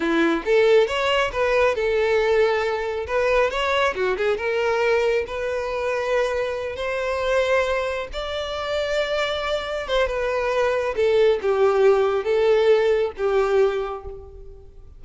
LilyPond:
\new Staff \with { instrumentName = "violin" } { \time 4/4 \tempo 4 = 137 e'4 a'4 cis''4 b'4 | a'2. b'4 | cis''4 fis'8 gis'8 ais'2 | b'2.~ b'8 c''8~ |
c''2~ c''8 d''4.~ | d''2~ d''8 c''8 b'4~ | b'4 a'4 g'2 | a'2 g'2 | }